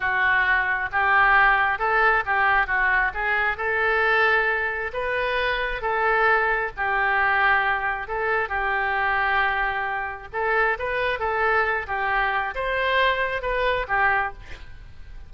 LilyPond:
\new Staff \with { instrumentName = "oboe" } { \time 4/4 \tempo 4 = 134 fis'2 g'2 | a'4 g'4 fis'4 gis'4 | a'2. b'4~ | b'4 a'2 g'4~ |
g'2 a'4 g'4~ | g'2. a'4 | b'4 a'4. g'4. | c''2 b'4 g'4 | }